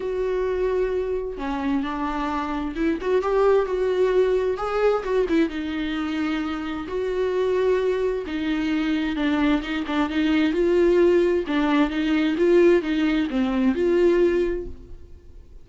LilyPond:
\new Staff \with { instrumentName = "viola" } { \time 4/4 \tempo 4 = 131 fis'2. cis'4 | d'2 e'8 fis'8 g'4 | fis'2 gis'4 fis'8 e'8 | dis'2. fis'4~ |
fis'2 dis'2 | d'4 dis'8 d'8 dis'4 f'4~ | f'4 d'4 dis'4 f'4 | dis'4 c'4 f'2 | }